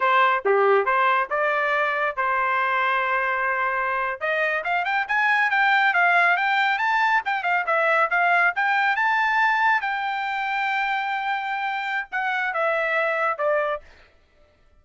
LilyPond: \new Staff \with { instrumentName = "trumpet" } { \time 4/4 \tempo 4 = 139 c''4 g'4 c''4 d''4~ | d''4 c''2.~ | c''4.~ c''16 dis''4 f''8 g''8 gis''16~ | gis''8. g''4 f''4 g''4 a''16~ |
a''8. g''8 f''8 e''4 f''4 g''16~ | g''8. a''2 g''4~ g''16~ | g''1 | fis''4 e''2 d''4 | }